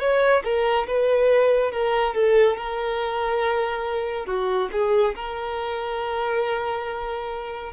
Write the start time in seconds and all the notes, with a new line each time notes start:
0.00 C#5
0.44 A#4
0.87 B4
1.72 A#4
2.14 A4
2.57 A#4
4.26 F#4
4.72 G#4
5.15 A#4